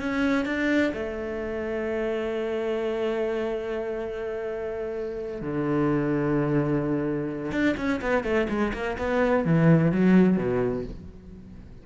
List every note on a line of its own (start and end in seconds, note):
0.00 0.45 C#4
0.45 0.93 D4
0.93 5.41 A3
5.41 7.52 D3
7.52 7.75 D4
7.77 8.01 C#4
8.01 8.24 B3
8.24 8.47 A3
8.49 8.73 G#3
8.73 8.97 A#3
8.98 9.45 B3
9.45 9.92 E3
9.92 10.37 F#3
10.37 10.84 B2